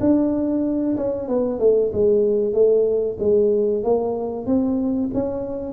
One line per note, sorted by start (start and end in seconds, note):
0.00 0.96 D4
0.97 1.28 C#4
1.28 1.59 B3
1.59 1.91 A3
1.93 2.53 G#3
2.53 3.17 A3
3.19 3.83 G#3
3.83 4.46 A#3
4.46 5.10 C4
5.14 5.72 C#4